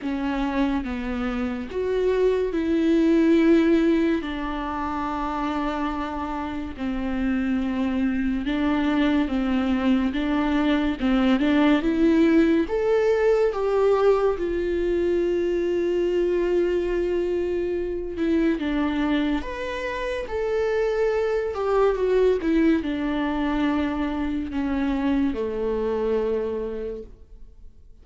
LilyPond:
\new Staff \with { instrumentName = "viola" } { \time 4/4 \tempo 4 = 71 cis'4 b4 fis'4 e'4~ | e'4 d'2. | c'2 d'4 c'4 | d'4 c'8 d'8 e'4 a'4 |
g'4 f'2.~ | f'4. e'8 d'4 b'4 | a'4. g'8 fis'8 e'8 d'4~ | d'4 cis'4 a2 | }